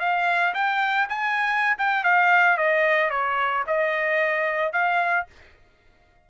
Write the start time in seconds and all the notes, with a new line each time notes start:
0.00 F5
0.54 G5
1.09 G#5
1.78 G5
2.04 F5
2.57 D#5
3.10 C#5
3.67 D#5
4.73 F5